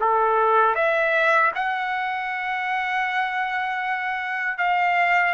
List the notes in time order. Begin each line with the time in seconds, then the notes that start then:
0.00 A4
0.75 E5
1.55 F#5
4.58 F5